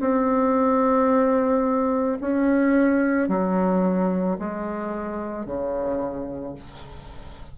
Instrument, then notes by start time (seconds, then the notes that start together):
bassoon
0.00 C4
2.21 C#4
3.28 F#3
4.38 G#3
5.45 C#3